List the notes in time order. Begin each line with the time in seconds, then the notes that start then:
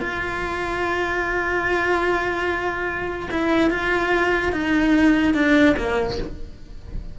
0.00 F4
3.30 E4
3.70 F4
4.52 D#4
5.34 D4
5.76 A#3